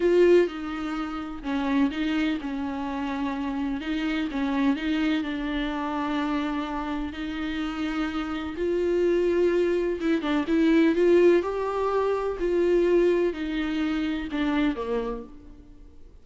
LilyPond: \new Staff \with { instrumentName = "viola" } { \time 4/4 \tempo 4 = 126 f'4 dis'2 cis'4 | dis'4 cis'2. | dis'4 cis'4 dis'4 d'4~ | d'2. dis'4~ |
dis'2 f'2~ | f'4 e'8 d'8 e'4 f'4 | g'2 f'2 | dis'2 d'4 ais4 | }